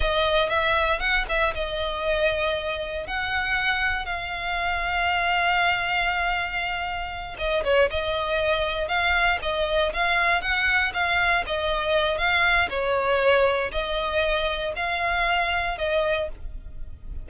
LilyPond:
\new Staff \with { instrumentName = "violin" } { \time 4/4 \tempo 4 = 118 dis''4 e''4 fis''8 e''8 dis''4~ | dis''2 fis''2 | f''1~ | f''2~ f''8 dis''8 cis''8 dis''8~ |
dis''4. f''4 dis''4 f''8~ | f''8 fis''4 f''4 dis''4. | f''4 cis''2 dis''4~ | dis''4 f''2 dis''4 | }